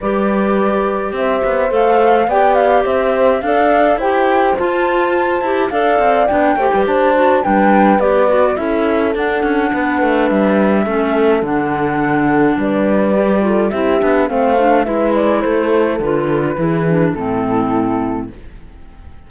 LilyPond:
<<
  \new Staff \with { instrumentName = "flute" } { \time 4/4 \tempo 4 = 105 d''2 e''4 f''4 | g''8 f''8 e''4 f''4 g''4 | a''2 f''4 g''4 | a''4 g''4 d''4 e''4 |
fis''2 e''2 | fis''2 d''2 | e''4 f''4 e''8 d''8 c''4 | b'2 a'2 | }
  \new Staff \with { instrumentName = "horn" } { \time 4/4 b'2 c''2 | d''4 c''4 d''4 c''4~ | c''2 d''4. c''16 b'16 | c''4 b'2 a'4~ |
a'4 b'2 a'4~ | a'2 b'4. a'8 | g'4 c''4 b'4 a'4~ | a'4 gis'4 e'2 | }
  \new Staff \with { instrumentName = "clarinet" } { \time 4/4 g'2. a'4 | g'2 a'4 g'4 | f'4. g'8 a'4 d'8 g'8~ | g'8 fis'8 d'4 g'8 fis'8 e'4 |
d'2. cis'4 | d'2. g'8 f'8 | e'8 d'8 c'8 d'8 e'2 | f'4 e'8 d'8 c'2 | }
  \new Staff \with { instrumentName = "cello" } { \time 4/4 g2 c'8 b8 a4 | b4 c'4 d'4 e'4 | f'4. e'8 d'8 c'8 b8 a16 g16 | d'4 g4 b4 cis'4 |
d'8 cis'8 b8 a8 g4 a4 | d2 g2 | c'8 b8 a4 gis4 a4 | d4 e4 a,2 | }
>>